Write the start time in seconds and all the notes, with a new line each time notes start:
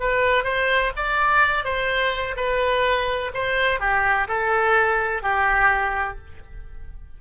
0.00 B4
0.44 C5
0.96 D5
1.64 C5
2.36 B4
3.34 C5
3.80 G4
4.27 A4
5.22 G4